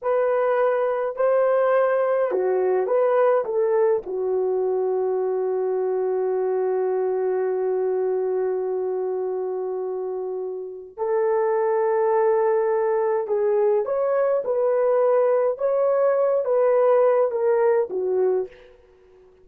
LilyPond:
\new Staff \with { instrumentName = "horn" } { \time 4/4 \tempo 4 = 104 b'2 c''2 | fis'4 b'4 a'4 fis'4~ | fis'1~ | fis'1~ |
fis'2. a'4~ | a'2. gis'4 | cis''4 b'2 cis''4~ | cis''8 b'4. ais'4 fis'4 | }